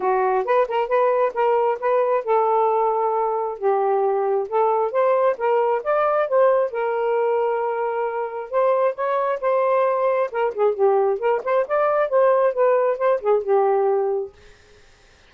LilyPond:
\new Staff \with { instrumentName = "saxophone" } { \time 4/4 \tempo 4 = 134 fis'4 b'8 ais'8 b'4 ais'4 | b'4 a'2. | g'2 a'4 c''4 | ais'4 d''4 c''4 ais'4~ |
ais'2. c''4 | cis''4 c''2 ais'8 gis'8 | g'4 ais'8 c''8 d''4 c''4 | b'4 c''8 gis'8 g'2 | }